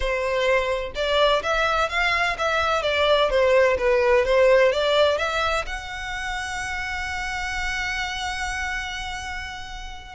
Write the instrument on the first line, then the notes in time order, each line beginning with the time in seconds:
violin
0.00 C5
0.95 D5
1.42 E5
1.89 F5
2.38 E5
2.82 D5
3.30 C5
3.78 B4
4.25 C5
4.72 D5
5.18 E5
5.66 F#5